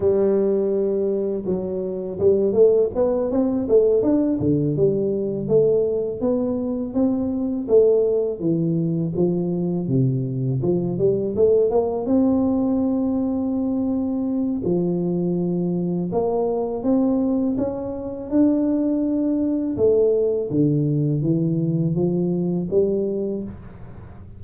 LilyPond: \new Staff \with { instrumentName = "tuba" } { \time 4/4 \tempo 4 = 82 g2 fis4 g8 a8 | b8 c'8 a8 d'8 d8 g4 a8~ | a8 b4 c'4 a4 e8~ | e8 f4 c4 f8 g8 a8 |
ais8 c'2.~ c'8 | f2 ais4 c'4 | cis'4 d'2 a4 | d4 e4 f4 g4 | }